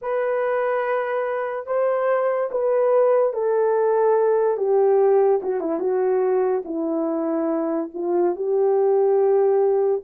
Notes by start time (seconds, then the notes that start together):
0.01 B4
1.66 C5
2.51 B4
3.33 A4
4.57 G4
5.42 F#4
5.60 E4
5.79 F#4
6.64 E4
7.94 F4
8.35 G4